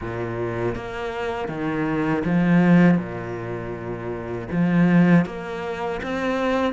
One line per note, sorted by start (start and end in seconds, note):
0.01 0.75 A#2
0.75 1.48 A#3
1.48 2.23 D#3
2.24 2.97 F3
2.97 4.47 A#2
4.51 5.25 F3
5.25 6.00 A#3
6.02 6.73 C4